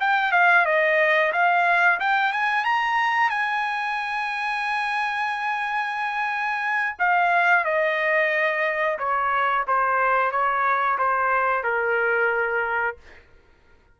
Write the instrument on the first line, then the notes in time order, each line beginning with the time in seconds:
trumpet
0.00 G5
0.32 F5
0.65 D#5
1.32 F5
1.99 G5
2.32 G#5
2.64 A#5
3.30 G#5
6.99 F5
7.65 D#5
8.98 C#5
9.67 C5
10.31 C#5
10.98 C5
11.63 A#4